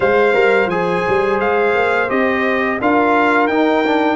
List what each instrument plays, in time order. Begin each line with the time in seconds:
0.00 tuba G#3, trombone C5, horn C5, trumpet F5
0.33 tuba G3, trombone A#4
0.66 tuba F3, trombone G#4, trumpet G#5
1.07 tuba G3
1.40 tuba G#3, trumpet F5
1.74 tuba A#3
2.08 tuba C4, trombone G4, trumpet D#5
2.80 tuba D4, trombone F4, horn A#4, trumpet F5
3.47 tuba D#4, trombone D#4, trumpet G5
3.86 trombone D4